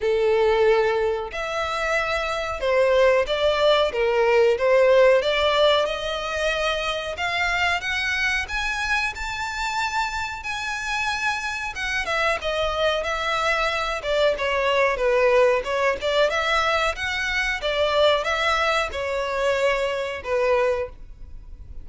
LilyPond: \new Staff \with { instrumentName = "violin" } { \time 4/4 \tempo 4 = 92 a'2 e''2 | c''4 d''4 ais'4 c''4 | d''4 dis''2 f''4 | fis''4 gis''4 a''2 |
gis''2 fis''8 e''8 dis''4 | e''4. d''8 cis''4 b'4 | cis''8 d''8 e''4 fis''4 d''4 | e''4 cis''2 b'4 | }